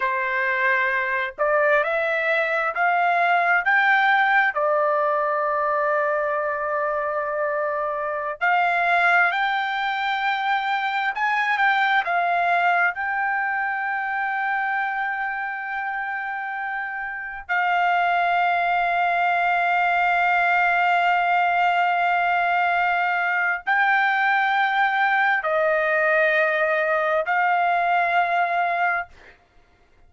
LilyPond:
\new Staff \with { instrumentName = "trumpet" } { \time 4/4 \tempo 4 = 66 c''4. d''8 e''4 f''4 | g''4 d''2.~ | d''4~ d''16 f''4 g''4.~ g''16~ | g''16 gis''8 g''8 f''4 g''4.~ g''16~ |
g''2.~ g''16 f''8.~ | f''1~ | f''2 g''2 | dis''2 f''2 | }